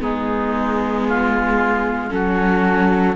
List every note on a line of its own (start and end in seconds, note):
0.00 2.11 G#3
0.00 2.10 B3
0.00 1.07 D#4
0.00 2.11 G#4
1.08 2.14 F4
2.10 3.16 F#3
2.10 3.15 C#4
2.10 3.16 F#4
2.10 3.16 A4